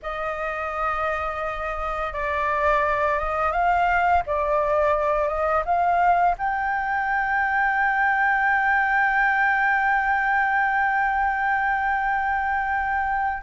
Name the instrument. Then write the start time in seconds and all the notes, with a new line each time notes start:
flute
0.02 D#5
2.13 D5
3.19 D#5
3.52 F5
4.26 D5
5.27 D#5
5.65 F5
6.38 G5